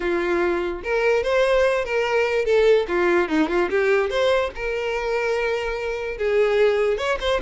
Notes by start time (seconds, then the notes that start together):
0.00 F4
0.83 A#4
1.23 C5
1.85 A#4
2.45 A4
2.88 F4
3.28 D#4
3.49 F4
3.70 G4
4.09 C5
4.55 A#4
6.17 G#4
6.97 C#5
7.20 C5